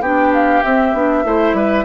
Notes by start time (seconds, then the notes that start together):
0.00 B3 D4 G4 G5
0.34 F5
0.63 C4 E5
0.93 B3 D4
1.24 A3 E4 C5
1.53 G3 B4